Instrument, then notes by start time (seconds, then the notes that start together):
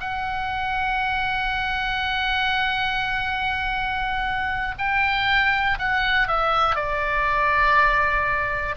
oboe
0.00 F#5
4.78 G5
5.79 F#5
6.28 E5
6.75 D5